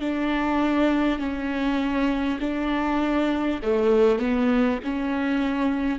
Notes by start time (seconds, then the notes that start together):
0.00 D4
1.19 C#4
2.40 D4
3.62 A3
4.19 B3
4.84 C#4